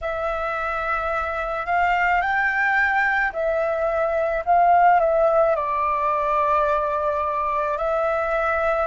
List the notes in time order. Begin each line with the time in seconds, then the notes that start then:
0.01 E5
1.66 F5
2.21 G5
3.32 E5
4.45 F5
5.00 E5
5.56 D5
7.77 E5